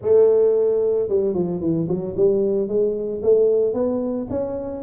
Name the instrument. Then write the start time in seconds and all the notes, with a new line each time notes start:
tuba
0.01 A3
1.08 G3
1.34 F3
1.60 E3
1.88 F#3
2.16 G3
2.68 G#3
3.22 A3
3.73 B3
4.30 C#4